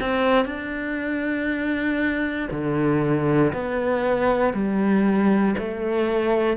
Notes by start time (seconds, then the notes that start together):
0.00 C4
0.45 D4
2.51 D3
3.53 B3
4.53 G3
5.58 A3